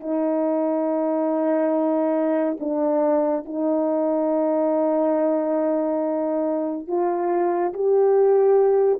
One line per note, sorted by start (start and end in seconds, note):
0.00 2.57 D#4
2.59 3.45 D4
3.45 6.87 D#4
6.87 7.73 F4
7.73 9.00 G4